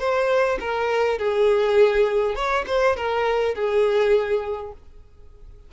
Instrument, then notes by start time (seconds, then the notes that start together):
violin
0.00 C5
0.60 A#4
1.19 G#4
2.36 C#5
2.67 C5
2.97 A#4
3.55 G#4